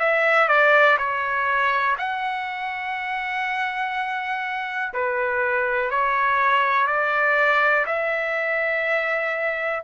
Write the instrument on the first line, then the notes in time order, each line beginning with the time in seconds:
trumpet
0.00 E5
0.48 D5
0.98 C#5
1.99 F#5
4.94 B4
5.91 C#5
6.88 D5
7.87 E5